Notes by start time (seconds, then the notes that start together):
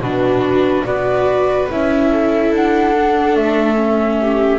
0.00 B2 D4 F#4 B4
0.85 B3 F#4 B4 D5
1.70 C#4 E4 E5
2.10 A4
2.52 D4 F#5
2.97 D4
3.35 A3 E5
3.76 C#4
4.21 G4